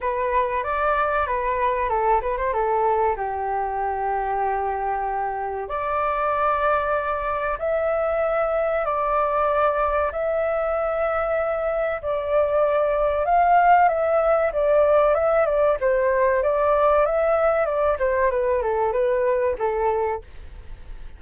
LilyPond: \new Staff \with { instrumentName = "flute" } { \time 4/4 \tempo 4 = 95 b'4 d''4 b'4 a'8 b'16 c''16 | a'4 g'2.~ | g'4 d''2. | e''2 d''2 |
e''2. d''4~ | d''4 f''4 e''4 d''4 | e''8 d''8 c''4 d''4 e''4 | d''8 c''8 b'8 a'8 b'4 a'4 | }